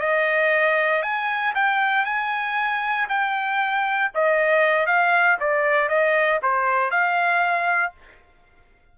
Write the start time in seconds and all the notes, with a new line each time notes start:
0.00 D#5
1.02 G#5
1.55 G5
2.05 G#5
3.09 G5
4.14 D#5
4.86 F5
5.40 D5
5.89 D#5
6.42 C5
6.91 F5